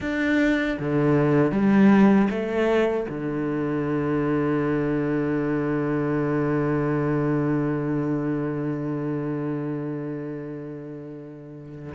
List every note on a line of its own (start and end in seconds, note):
0.00 0.77 D4
0.79 1.51 D3
1.51 2.28 G3
2.30 3.07 A3
3.09 11.93 D3